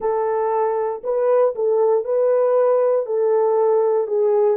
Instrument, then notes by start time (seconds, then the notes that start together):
horn
0.00 A4
1.03 B4
1.55 A4
2.04 B4
3.06 A4
4.07 G#4